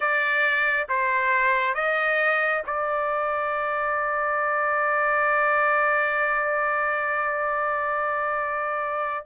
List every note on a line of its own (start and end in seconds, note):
0.00 0.87 D5
0.88 1.74 C5
1.74 2.62 D#5
2.66 9.25 D5